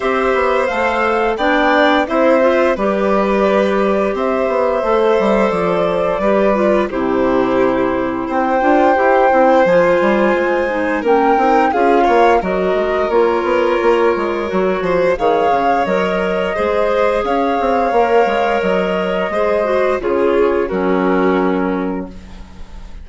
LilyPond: <<
  \new Staff \with { instrumentName = "flute" } { \time 4/4 \tempo 4 = 87 e''4 f''4 g''4 e''4 | d''2 e''2 | d''2 c''2 | g''2 gis''2 |
g''4 f''4 dis''4 cis''4~ | cis''2 f''4 dis''4~ | dis''4 f''2 dis''4~ | dis''4 cis''4 ais'2 | }
  \new Staff \with { instrumentName = "violin" } { \time 4/4 c''2 d''4 c''4 | b'2 c''2~ | c''4 b'4 g'2 | c''1 |
ais'4 gis'8 cis''8 ais'2~ | ais'4. c''8 cis''2 | c''4 cis''2. | c''4 gis'4 fis'2 | }
  \new Staff \with { instrumentName = "clarinet" } { \time 4/4 g'4 a'4 d'4 e'8 f'8 | g'2. a'4~ | a'4 g'8 f'8 e'2~ | e'8 f'8 g'8 e'8 f'4. dis'8 |
cis'8 dis'8 f'4 fis'4 f'4~ | f'4 fis'4 gis'4 ais'4 | gis'2 ais'2 | gis'8 fis'8 f'4 cis'2 | }
  \new Staff \with { instrumentName = "bassoon" } { \time 4/4 c'8 b8 a4 b4 c'4 | g2 c'8 b8 a8 g8 | f4 g4 c2 | c'8 d'8 e'8 c'8 f8 g8 gis4 |
ais8 c'8 cis'8 ais8 fis8 gis8 ais8 b8 | ais8 gis8 fis8 f8 dis8 cis8 fis4 | gis4 cis'8 c'8 ais8 gis8 fis4 | gis4 cis4 fis2 | }
>>